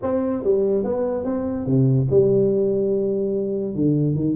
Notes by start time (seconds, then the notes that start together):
0.02 C4
0.43 G3
0.83 B3
1.24 C4
1.66 C3
2.10 G3
3.75 D3
4.15 D#3